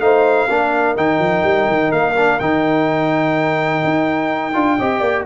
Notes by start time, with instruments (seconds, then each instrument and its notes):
0.00 tuba A3, trombone D#4, horn C5, trumpet F5
0.49 tuba A#3, trombone D4, horn A#4
0.96 tuba D#3, trombone D#4, trumpet G5
1.19 tuba F3
1.43 tuba G3
1.68 tuba D#3
1.92 tuba A#3, trumpet F5
2.16 trombone D4
2.39 tuba D#3, trombone D#4, trumpet G5
3.84 tuba D#4
4.53 tuba D4, trombone F4
4.78 tuba C4, trombone G4, horn D#5
5.00 tuba A#3, horn D5